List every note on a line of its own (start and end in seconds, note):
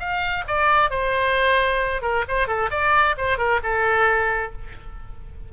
0.00 0.45 F5
0.48 0.90 D5
0.90 2.02 C5
2.02 2.25 A#4
2.28 2.48 C5
2.48 2.70 A4
2.71 3.16 D5
3.18 3.38 C5
3.38 3.61 A#4
3.63 4.53 A4